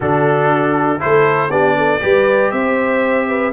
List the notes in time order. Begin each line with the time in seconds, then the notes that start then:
0.00 D3 D4 F#4 A4
0.99 A3 E4 A4 C5
1.49 B3 D4 G4 D5
1.77 A4
2.00 G3 G4 B4
2.51 C4 C5 E5
3.28 B4